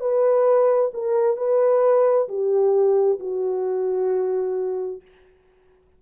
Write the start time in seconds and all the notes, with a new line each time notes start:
0.00 B4
0.93 A#4
1.37 B4
2.28 G4
3.19 F#4